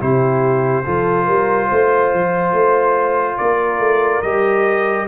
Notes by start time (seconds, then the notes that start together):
0.00 C3 E4 G4 C5
0.86 F3 F4 A4
1.25 G3 A#4
1.68 A3 C5
2.14 F3
2.53 A3
3.38 A#3 A#4 D5
3.80 A3
4.22 G3 G4 D#5